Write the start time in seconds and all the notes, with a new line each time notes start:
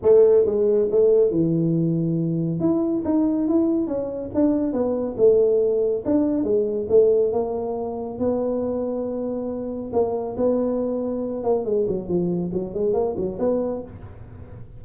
0.02 A3
0.45 G#3
0.91 A3
1.30 E3
2.59 E4
3.05 D#4
3.47 E4
3.87 C#4
4.34 D4
4.72 B3
5.17 A3
6.05 D4
6.43 G#3
6.89 A3
7.32 A#3
8.18 B3
9.92 A#3
10.37 B3
11.43 A#3
11.64 G#3
11.88 F#3
12.08 F3
12.53 F#3
12.74 G#3
12.93 A#3
13.16 F#3
13.38 B3